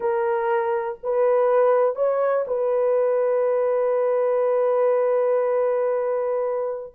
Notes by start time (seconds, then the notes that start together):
0.00 A#4
1.03 B4
1.95 C#5
2.47 B4